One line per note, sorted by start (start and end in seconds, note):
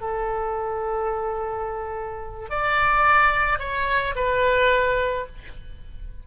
0.00 2.49 A4
2.49 3.59 D5
3.59 4.14 C#5
4.15 5.26 B4